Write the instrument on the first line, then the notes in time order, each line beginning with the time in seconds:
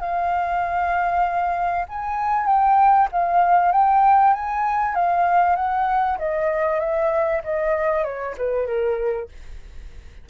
flute
0.00 F5
1.88 G#5
2.46 G5
3.12 F5
3.72 G5
4.33 G#5
4.95 F5
5.56 F#5
6.18 D#5
6.80 E5
7.44 D#5
8.04 C#5
8.37 B4
8.67 A#4